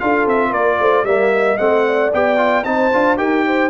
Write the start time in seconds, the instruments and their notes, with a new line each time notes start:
0.00 tuba D4, trombone F4, horn A4, trumpet F5
0.26 tuba C4, trumpet E5
0.50 tuba A#3, horn A#4, trumpet D5
0.80 tuba A3, horn C5
1.04 tuba G3, trombone A#3, horn D5, trumpet E5
1.32 horn D#5
1.58 tuba A3, trombone C4, trumpet F#5
1.87 horn D5
2.13 tuba B3, trombone G4, trumpet G5
2.37 trombone F4
2.64 tuba C4, trombone D#4, horn C5, trumpet A5
2.93 tuba D4, trombone F4
3.17 tuba D#4, trombone G4, horn A#4, trumpet G5
3.46 horn C5